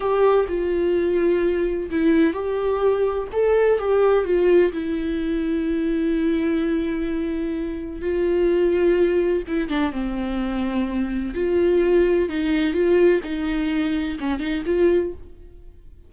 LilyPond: \new Staff \with { instrumentName = "viola" } { \time 4/4 \tempo 4 = 127 g'4 f'2. | e'4 g'2 a'4 | g'4 f'4 e'2~ | e'1~ |
e'4 f'2. | e'8 d'8 c'2. | f'2 dis'4 f'4 | dis'2 cis'8 dis'8 f'4 | }